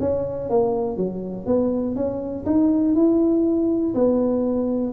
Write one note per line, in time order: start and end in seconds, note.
0.00 0.50 C#4
0.50 0.97 A#3
0.97 1.46 F#3
1.46 1.96 B3
1.96 2.45 C#4
2.46 2.95 D#4
2.95 3.94 E4
3.94 4.93 B3